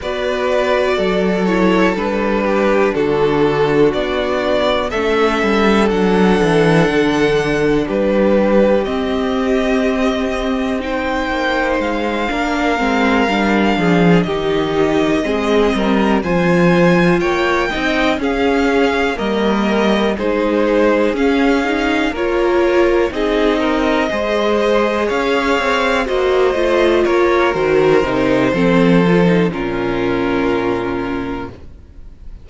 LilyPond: <<
  \new Staff \with { instrumentName = "violin" } { \time 4/4 \tempo 4 = 61 d''4. cis''8 b'4 a'4 | d''4 e''4 fis''2 | b'4 dis''2 g''4 | f''2~ f''8 dis''4.~ |
dis''8 gis''4 g''4 f''4 dis''8~ | dis''8 c''4 f''4 cis''4 dis''8~ | dis''4. f''4 dis''4 cis''8 | c''2 ais'2 | }
  \new Staff \with { instrumentName = "violin" } { \time 4/4 b'4 a'4. g'8 fis'4~ | fis'4 a'2. | g'2. c''4~ | c''8 ais'4. gis'8 g'4 gis'8 |
ais'8 c''4 cis''8 dis''8 gis'4 ais'8~ | ais'8 gis'2 ais'4 gis'8 | ais'8 c''4 cis''4 c''4 ais'8~ | ais'4 a'4 f'2 | }
  \new Staff \with { instrumentName = "viola" } { \time 4/4 fis'4. e'8 d'2~ | d'4 cis'4 d'2~ | d'4 c'2 dis'4~ | dis'8 d'8 c'8 d'4 dis'4 c'8~ |
c'8 f'4. dis'8 cis'4 ais8~ | ais8 dis'4 cis'8 dis'8 f'4 dis'8~ | dis'8 gis'2 fis'8 f'4 | fis'8 dis'8 c'8 f'16 dis'16 cis'2 | }
  \new Staff \with { instrumentName = "cello" } { \time 4/4 b4 fis4 g4 d4 | b4 a8 g8 fis8 e8 d4 | g4 c'2~ c'8 ais8 | gis8 ais8 gis8 g8 f8 dis4 gis8 |
g8 f4 ais8 c'8 cis'4 g8~ | g8 gis4 cis'4 ais4 c'8~ | c'8 gis4 cis'8 c'8 ais8 a8 ais8 | dis8 c8 f4 ais,2 | }
>>